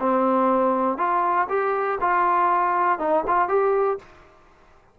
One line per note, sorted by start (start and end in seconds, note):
0.00 0.98 C4
0.98 1.48 F4
1.49 1.99 G4
2.01 2.99 F4
2.99 3.24 D#4
3.27 3.49 F4
3.49 3.99 G4